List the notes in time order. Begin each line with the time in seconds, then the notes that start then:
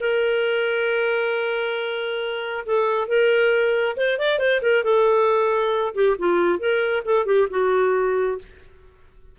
0.00 A#4
2.66 A4
3.08 A#4
3.96 C5
4.19 D5
4.39 C5
4.62 A#4
4.84 A4
5.94 G4
6.18 F4
6.59 A#4
7.05 A4
7.26 G4
7.50 F#4